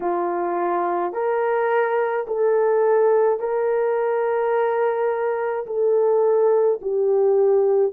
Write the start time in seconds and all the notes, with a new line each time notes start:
0.00 F4
1.12 A#4
2.26 A4
3.39 A#4
5.66 A4
6.81 G4